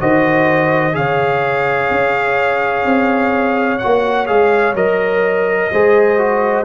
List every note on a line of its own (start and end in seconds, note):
0.00 0.95 D#3
0.00 0.93 F#4
0.00 0.96 C5
0.00 0.95 D#5
0.93 1.90 C#3
0.93 3.78 G#4
0.93 5.72 C#5
0.93 3.78 F5
1.90 2.84 C#4
2.84 3.79 C4
3.78 4.27 F#4
3.78 4.26 F#5
3.85 4.29 A#3
4.26 4.74 G#3
4.26 4.74 G#4
4.26 4.74 F5
4.74 5.69 F#3
4.74 5.70 A#4
4.74 6.64 D#5
5.72 6.64 G#3
5.72 6.18 G#4
5.72 6.64 C5
6.18 6.64 F#4